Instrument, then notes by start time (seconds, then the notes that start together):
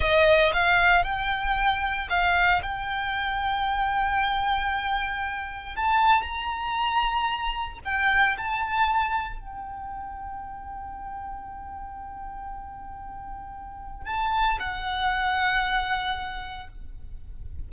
violin
0.00 D#5
0.53 F5
1.03 G5
2.09 F5
2.62 G5
5.76 A5
6.22 A#5
7.84 G5
8.37 A5
9.39 G5
14.06 A5
14.59 F#5